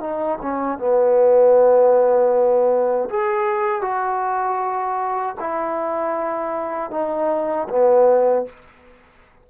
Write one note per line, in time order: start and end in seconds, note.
0.00 0.38 D#4
0.41 0.78 C#4
0.78 3.09 B3
3.09 3.81 G#4
3.81 5.35 F#4
5.40 6.90 E4
6.90 7.67 D#4
7.69 8.45 B3